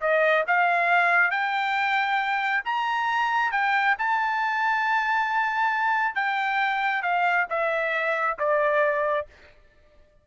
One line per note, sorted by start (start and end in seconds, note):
0.00 0.44 D#5
0.47 1.30 F5
1.30 2.63 G5
2.65 3.51 A#5
3.51 3.95 G5
3.98 6.15 A5
6.15 7.02 G5
7.02 7.46 F5
7.49 8.37 E5
8.38 9.27 D5